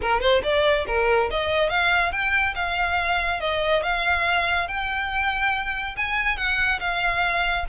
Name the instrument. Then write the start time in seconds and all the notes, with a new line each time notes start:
violin
0.01 A#4
0.21 C5
0.43 D5
0.87 A#4
1.30 D#5
1.69 F5
2.12 G5
2.55 F5
3.40 D#5
3.83 F5
4.68 G5
5.97 G#5
6.37 F#5
6.80 F5